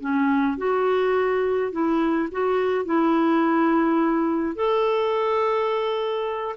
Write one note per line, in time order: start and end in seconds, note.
0.00 0.57 C#4
0.57 1.71 F#4
1.71 2.29 E4
2.31 2.85 F#4
2.85 4.55 E4
4.55 6.55 A4